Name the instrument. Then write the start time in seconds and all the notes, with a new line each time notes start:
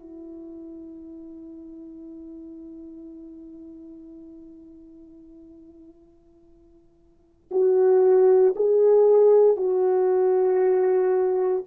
horn
0.00 E4
7.51 F#4
8.56 G#4
9.57 F#4